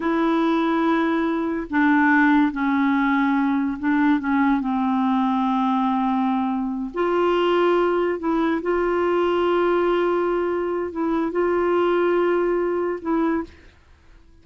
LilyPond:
\new Staff \with { instrumentName = "clarinet" } { \time 4/4 \tempo 4 = 143 e'1 | d'2 cis'2~ | cis'4 d'4 cis'4 c'4~ | c'1~ |
c'8 f'2. e'8~ | e'8 f'2.~ f'8~ | f'2 e'4 f'4~ | f'2. e'4 | }